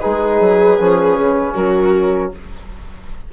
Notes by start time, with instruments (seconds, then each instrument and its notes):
0.00 bassoon G#3, trombone D#4, viola G#4, flute B4
0.40 bassoon F#3
0.79 bassoon F3, trombone C#4
1.18 bassoon C#3
1.54 bassoon F#3, viola F#4, flute A#4